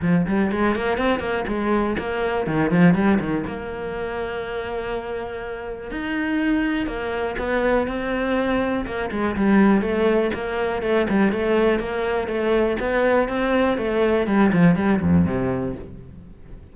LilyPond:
\new Staff \with { instrumentName = "cello" } { \time 4/4 \tempo 4 = 122 f8 g8 gis8 ais8 c'8 ais8 gis4 | ais4 dis8 f8 g8 dis8 ais4~ | ais1 | dis'2 ais4 b4 |
c'2 ais8 gis8 g4 | a4 ais4 a8 g8 a4 | ais4 a4 b4 c'4 | a4 g8 f8 g8 f,8 c4 | }